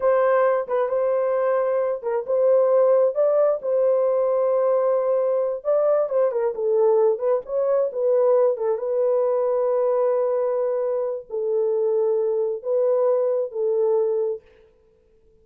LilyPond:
\new Staff \with { instrumentName = "horn" } { \time 4/4 \tempo 4 = 133 c''4. b'8 c''2~ | c''8 ais'8 c''2 d''4 | c''1~ | c''8 d''4 c''8 ais'8 a'4. |
b'8 cis''4 b'4. a'8 b'8~ | b'1~ | b'4 a'2. | b'2 a'2 | }